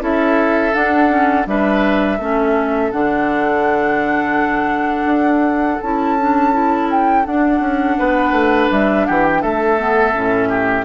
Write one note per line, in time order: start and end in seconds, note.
0.00 0.73 C#4
0.00 0.72 E4
0.00 1.47 A4
0.00 0.74 E5
0.74 1.09 D4
0.74 1.47 D4
0.74 1.46 F#5
1.09 1.45 C#4
1.47 2.19 G3
1.47 2.19 D4
1.47 2.19 B4
1.47 2.92 E5
2.19 2.91 A3
2.19 2.92 C#4
2.19 7.97 A4
2.92 5.06 D3
2.92 5.81 D4
2.92 5.81 F#5
5.06 5.78 D4
5.81 7.27 C#4
5.81 6.19 E4
5.81 6.90 A5
6.20 6.53 D4
6.53 7.25 E4
6.91 7.26 G5
7.26 9.78 D4
7.26 7.60 D4
7.26 8.71 F#5
7.60 7.97 C#4
7.99 8.32 B3
7.99 9.07 B4
8.32 8.68 A3
8.71 9.08 G3
8.71 9.06 E5
9.06 9.43 E3
9.06 9.42 G4
9.06 9.24 F#5
9.24 9.42 G5
9.42 10.15 A3
9.42 10.49 A4
9.42 10.86 E5
9.78 10.14 B3
10.14 10.86 A2
10.14 10.86 C#4
10.49 10.85 G4